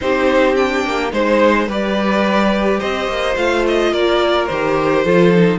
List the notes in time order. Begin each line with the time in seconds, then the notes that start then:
0.00 C4 D#4 G4 C5
0.55 D4 G5
0.84 A#3
1.11 G#3 D#4 C5
1.67 G3 G4 B4 D5
2.79 C4 C5 D#5
3.07 A#3
3.36 A3 F4 F5
3.67 D#5
3.92 A#3 A#4 D5
4.46 D#3 G4 C5
5.04 F3 F4 A4
5.34 D#4